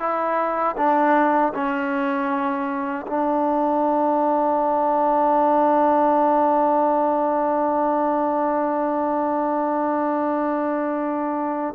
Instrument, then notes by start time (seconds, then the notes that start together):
trombone
0.00 E4
0.77 D4
1.54 C#4
3.07 D4